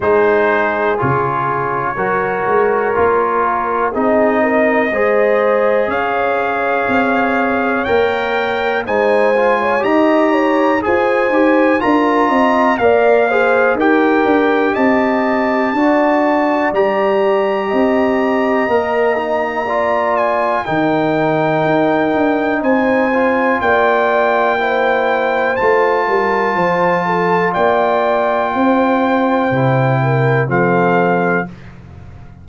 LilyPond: <<
  \new Staff \with { instrumentName = "trumpet" } { \time 4/4 \tempo 4 = 61 c''4 cis''2. | dis''2 f''2 | g''4 gis''4 ais''4 gis''4 | ais''4 f''4 g''4 a''4~ |
a''4 ais''2.~ | ais''8 gis''8 g''2 gis''4 | g''2 a''2 | g''2. f''4 | }
  \new Staff \with { instrumentName = "horn" } { \time 4/4 gis'2 ais'2 | gis'8 ais'8 c''4 cis''2~ | cis''4 c''8. cis''16 dis''8 cis''8 c''4 | ais'8 dis''8 d''8 c''8 ais'4 dis''4 |
d''2 dis''2 | d''4 ais'2 c''4 | d''4 c''4. ais'8 c''8 a'8 | d''4 c''4. ais'8 a'4 | }
  \new Staff \with { instrumentName = "trombone" } { \time 4/4 dis'4 f'4 fis'4 f'4 | dis'4 gis'2. | ais'4 dis'8 f'8 g'4 gis'8 g'8 | f'4 ais'8 gis'8 g'2 |
fis'4 g'2 ais'8 dis'8 | f'4 dis'2~ dis'8 f'8~ | f'4 e'4 f'2~ | f'2 e'4 c'4 | }
  \new Staff \with { instrumentName = "tuba" } { \time 4/4 gis4 cis4 fis8 gis8 ais4 | c'4 gis4 cis'4 c'4 | ais4 gis4 dis'4 f'8 dis'8 | d'8 c'8 ais4 dis'8 d'8 c'4 |
d'4 g4 c'4 ais4~ | ais4 dis4 dis'8 d'8 c'4 | ais2 a8 g8 f4 | ais4 c'4 c4 f4 | }
>>